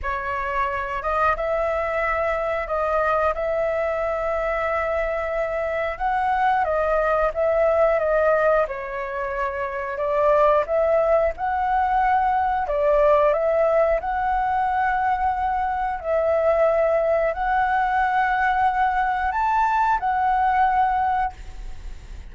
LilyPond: \new Staff \with { instrumentName = "flute" } { \time 4/4 \tempo 4 = 90 cis''4. dis''8 e''2 | dis''4 e''2.~ | e''4 fis''4 dis''4 e''4 | dis''4 cis''2 d''4 |
e''4 fis''2 d''4 | e''4 fis''2. | e''2 fis''2~ | fis''4 a''4 fis''2 | }